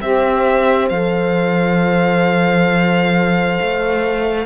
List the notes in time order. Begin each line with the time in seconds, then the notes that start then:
0.00 C4 G4 C5 E5
0.89 F3 A4 F5
3.61 A3